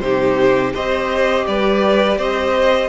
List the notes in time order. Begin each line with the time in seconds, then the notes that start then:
0.00 C3 D#4 G4 C5
0.73 C4 G4 C5 D#5
1.47 G3 B4 D5
2.18 C4 C5 D#5